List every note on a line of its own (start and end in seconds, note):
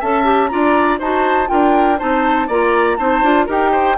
0.00 0.52 C#4
0.00 0.24 A4
0.00 0.50 E5
0.00 0.48 A5
0.24 0.49 G4
0.48 1.00 D4
0.48 1.00 F4
0.48 0.99 D5
0.48 0.98 A#5
0.99 1.50 D#4
0.99 1.47 F#4
0.99 1.49 C5
0.99 1.49 A5
1.47 2.02 D4
1.47 1.96 F4
1.47 1.99 A#4
1.47 1.98 G5
1.99 2.49 C4
1.99 2.48 D#4
1.99 2.48 C5
1.99 2.49 A5
2.48 2.99 A#3
2.48 2.98 F4
2.48 2.97 D5
2.48 2.97 A#5
2.97 3.23 C4
2.97 3.23 D#4
2.97 3.46 C5
2.97 3.46 A5
3.23 3.48 D4
3.23 3.48 F4
3.46 3.98 D#4
3.46 3.98 G4
3.46 3.71 A#4
3.46 3.98 G5
3.72 3.97 C5